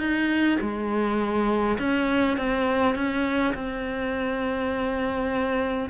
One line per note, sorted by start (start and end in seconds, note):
0.00 0.59 D#4
0.61 1.79 G#3
1.79 2.38 C#4
2.38 2.95 C4
2.95 3.54 C#4
3.55 5.90 C4